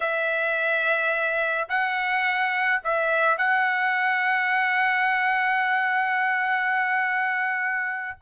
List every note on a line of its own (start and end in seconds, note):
0.00 1.67 E5
1.68 2.81 F#5
2.83 3.37 E5
3.37 8.18 F#5